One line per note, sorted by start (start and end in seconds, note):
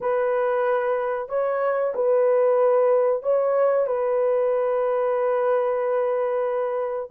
0.01 1.28 B4
1.28 1.93 C#5
1.94 3.23 B4
3.23 3.87 C#5
3.87 7.09 B4